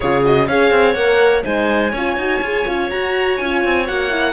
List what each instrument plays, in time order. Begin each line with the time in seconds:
0.00 cello C#3, horn F4, clarinet G#4, violin C#5
0.24 horn F#4, violin D#5
0.47 cello C#4, horn G#4, clarinet C#5, violin F5
0.71 cello C4
0.94 cello A#3, horn A#4, violin F#5
1.44 cello G#3, horn D#4, clarinet C5, violin G#5
1.90 cello C#4, horn F4, clarinet C#5
2.16 cello D#4, horn F#4
2.41 cello F4, horn G#4
2.66 cello C#4, horn F4
2.89 horn F#4, cello F#4, violin A#5
3.37 cello C#4, horn F4, violin G#5
3.64 cello C4
3.86 cello A#3, horn F#4, violin F#5
4.10 horn E4